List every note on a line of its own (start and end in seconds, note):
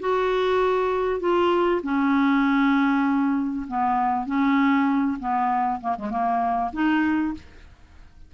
0.00 1.20 F#4
1.20 1.81 F4
1.83 3.67 C#4
3.68 4.26 B3
4.26 5.18 C#4
5.19 5.81 B3
5.81 5.96 A#3
5.98 6.10 G#3
6.10 6.71 A#3
6.73 7.34 D#4